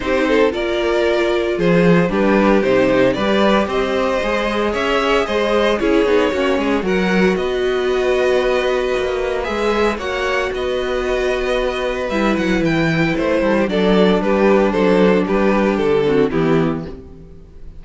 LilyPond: <<
  \new Staff \with { instrumentName = "violin" } { \time 4/4 \tempo 4 = 114 c''4 d''2 c''4 | b'4 c''4 d''4 dis''4~ | dis''4 e''4 dis''4 cis''4~ | cis''4 fis''4 dis''2~ |
dis''2 e''4 fis''4 | dis''2. e''8 fis''8 | g''4 c''4 d''4 b'4 | c''4 b'4 a'4 g'4 | }
  \new Staff \with { instrumentName = "violin" } { \time 4/4 g'8 a'8 ais'2 gis'4 | g'2 b'4 c''4~ | c''4 cis''4 c''4 gis'4 | fis'8 gis'8 ais'4 b'2~ |
b'2. cis''4 | b'1~ | b'4. a'16 g'16 a'4 g'4 | a'4 g'4. fis'8 e'4 | }
  \new Staff \with { instrumentName = "viola" } { \time 4/4 dis'4 f'2. | d'4 dis'4 g'2 | gis'2. e'8 dis'8 | cis'4 fis'2.~ |
fis'2 gis'4 fis'4~ | fis'2. e'4~ | e'2 d'2~ | d'2~ d'8 c'8 b4 | }
  \new Staff \with { instrumentName = "cello" } { \time 4/4 c'4 ais2 f4 | g4 c4 g4 c'4 | gis4 cis'4 gis4 cis'8 b8 | ais8 gis8 fis4 b2~ |
b4 ais4 gis4 ais4 | b2. g8 fis8 | e4 a8 g8 fis4 g4 | fis4 g4 d4 e4 | }
>>